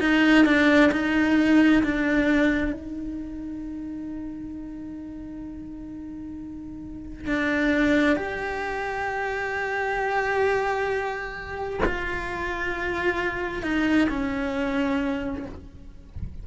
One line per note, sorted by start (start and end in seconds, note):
0.00 0.45 D#4
0.46 0.91 D4
0.92 1.83 D#4
1.84 2.73 D4
2.73 7.27 D#4
7.27 8.16 D4
8.16 11.80 G4
11.86 13.63 F4
13.63 14.09 D#4
14.10 15.46 C#4